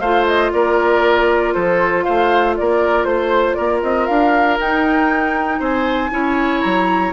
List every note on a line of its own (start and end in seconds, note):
0.00 0.52 A3
0.00 4.61 F4
0.00 0.52 C5
0.00 0.25 F5
0.27 0.52 D#5
0.53 1.55 A#3
0.53 1.54 A#4
0.53 1.54 D5
1.54 2.06 F3
1.54 2.05 A4
1.54 2.04 C5
2.04 2.59 A3
2.04 2.56 C5
2.04 2.55 F5
2.57 3.05 A#3
2.57 3.08 A#4
2.57 3.04 D5
3.04 3.56 A3
3.04 3.54 C5
3.04 3.57 C5
3.54 3.83 A#3
3.54 5.59 A#4
3.54 3.79 D5
3.83 4.08 C4
3.83 4.07 D#5
4.07 4.59 D4
4.07 4.58 F5
4.59 5.60 D#4
4.59 6.11 D#4
4.59 5.62 G5
5.59 6.11 C4
5.59 6.10 C5
5.59 6.61 G#5
6.11 6.62 C#4
6.11 7.13 E4
6.11 7.13 C#5
6.61 7.13 F#3
6.61 7.12 A#5